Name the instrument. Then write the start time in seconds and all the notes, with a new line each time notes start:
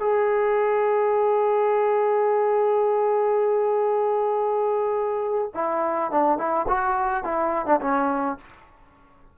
trombone
0.00 G#4
5.55 E4
6.12 D4
6.38 E4
6.68 F#4
7.25 E4
7.66 D4
7.81 C#4